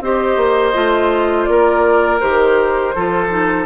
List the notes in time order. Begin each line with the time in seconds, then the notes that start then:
0.00 C4 G4 C5 D#5
0.36 A#3
0.73 A3 F4
1.45 A#3 A#4 D5
2.19 D#3 G4 C5
2.95 F3 F4 A4
3.30 D#4